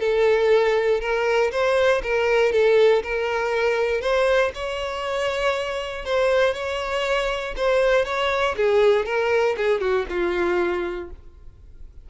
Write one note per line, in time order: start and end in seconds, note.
0.00 1.01 A4
1.01 1.51 A#4
1.52 2.02 C5
2.03 2.53 A#4
2.53 3.03 A4
3.03 4.02 A#4
4.02 4.52 C5
4.55 6.05 C#5
6.05 6.54 C5
6.54 7.55 C#5
7.57 8.05 C5
8.05 8.56 C#5
8.57 9.06 G#4
9.06 9.56 A#4
9.57 9.81 G#4
9.81 10.06 F#4
10.10 11.11 F4